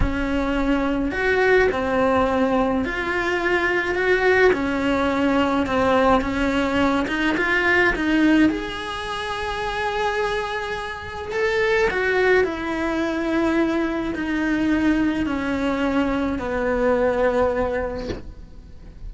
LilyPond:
\new Staff \with { instrumentName = "cello" } { \time 4/4 \tempo 4 = 106 cis'2 fis'4 c'4~ | c'4 f'2 fis'4 | cis'2 c'4 cis'4~ | cis'8 dis'8 f'4 dis'4 gis'4~ |
gis'1 | a'4 fis'4 e'2~ | e'4 dis'2 cis'4~ | cis'4 b2. | }